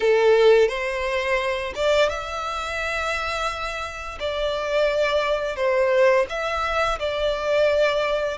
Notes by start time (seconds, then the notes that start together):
0.00 A4
0.68 C5
1.75 D5
2.09 E5
4.19 D5
5.56 C5
6.29 E5
6.99 D5